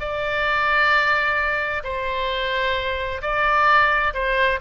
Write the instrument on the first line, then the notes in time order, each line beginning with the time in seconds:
oboe
0.00 D5
1.84 C5
3.22 D5
4.14 C5